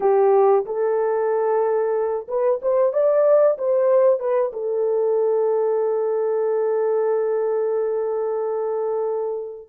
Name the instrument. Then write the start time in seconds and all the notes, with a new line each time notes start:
horn
0.00 G4
0.65 A4
2.28 B4
2.62 C5
2.92 D5
3.58 C5
4.19 B4
4.52 A4